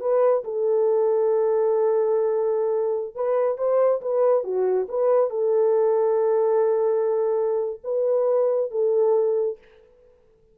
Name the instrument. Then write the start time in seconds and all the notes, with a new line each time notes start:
horn
0.00 B4
0.44 A4
3.15 B4
3.58 C5
4.01 B4
4.43 F#4
4.89 B4
5.30 A4
7.84 B4
8.71 A4